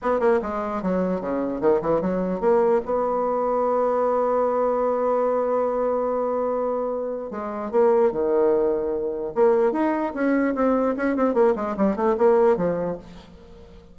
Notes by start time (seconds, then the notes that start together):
0.01 B3
0.20 A#3
0.42 G#3
0.82 F#3
1.20 C#3
1.60 D#3
1.81 E3
2.01 F#3
2.40 A#3
2.85 B3
7.30 G#3
7.71 A#3
8.11 D#3
9.34 A#3
9.72 D#4
10.14 C#4
10.54 C4
10.96 C#4
11.16 C4
11.34 A#3
11.55 G#3
11.77 G3
11.96 A3
12.17 A#3
12.56 F3